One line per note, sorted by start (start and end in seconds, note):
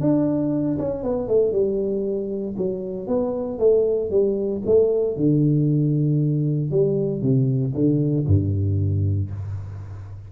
0.00 0.78 D4
0.78 1.03 C#4
1.03 1.28 B3
1.28 1.52 A3
1.52 2.55 G3
2.57 3.07 F#3
3.07 3.59 B3
3.59 4.10 A3
4.10 4.62 G3
4.66 5.16 A3
5.16 6.70 D3
6.70 7.21 G3
7.21 7.73 C3
7.74 8.26 D3
8.27 9.30 G2